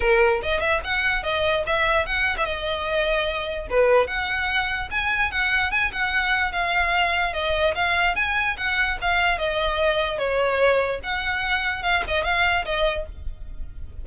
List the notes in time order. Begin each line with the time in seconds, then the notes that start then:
0.00 A#4
0.42 D#5
0.60 E5
0.84 F#5
1.23 D#5
1.66 E5
2.05 F#5
2.37 E5
2.45 D#5
3.70 B4
4.07 F#5
4.90 G#5
5.31 F#5
5.71 G#5
5.92 F#5
6.52 F5
7.33 D#5
7.74 F5
8.15 G#5
8.57 F#5
9.01 F5
9.38 D#5
10.18 C#5
11.03 F#5
11.82 F5
12.07 D#5
12.23 F5
12.65 D#5